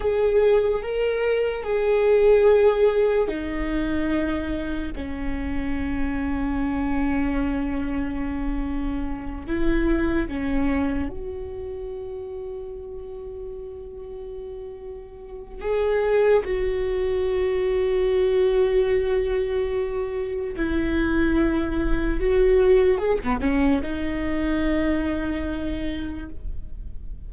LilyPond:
\new Staff \with { instrumentName = "viola" } { \time 4/4 \tempo 4 = 73 gis'4 ais'4 gis'2 | dis'2 cis'2~ | cis'2.~ cis'8 e'8~ | e'8 cis'4 fis'2~ fis'8~ |
fis'2. gis'4 | fis'1~ | fis'4 e'2 fis'4 | gis'16 b16 cis'8 dis'2. | }